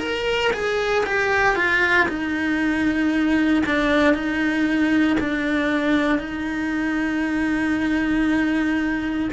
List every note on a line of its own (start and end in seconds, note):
0.00 0.52 A#4
0.54 1.05 G#4
1.06 1.56 G4
1.56 2.08 F4
2.09 3.64 D#4
3.66 4.14 D4
4.14 5.18 D#4
5.21 6.19 D4
6.19 9.30 D#4